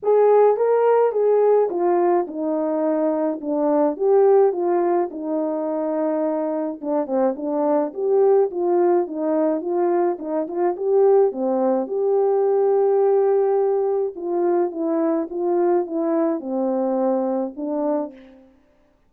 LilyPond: \new Staff \with { instrumentName = "horn" } { \time 4/4 \tempo 4 = 106 gis'4 ais'4 gis'4 f'4 | dis'2 d'4 g'4 | f'4 dis'2. | d'8 c'8 d'4 g'4 f'4 |
dis'4 f'4 dis'8 f'8 g'4 | c'4 g'2.~ | g'4 f'4 e'4 f'4 | e'4 c'2 d'4 | }